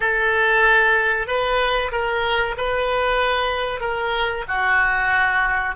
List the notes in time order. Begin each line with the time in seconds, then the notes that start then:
0.00 A4
1.27 B4
1.91 A#4
2.57 B4
3.80 A#4
4.48 F#4